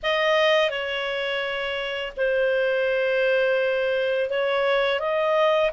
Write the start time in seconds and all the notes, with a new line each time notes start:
0.03 D#5
0.69 C#5
2.17 C5
4.30 C#5
4.99 D#5